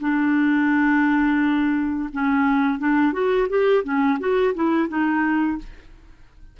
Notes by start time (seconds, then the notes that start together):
0.00 D4
2.12 C#4
2.79 D4
3.13 F#4
3.49 G4
3.83 C#4
4.19 F#4
4.54 E4
4.88 D#4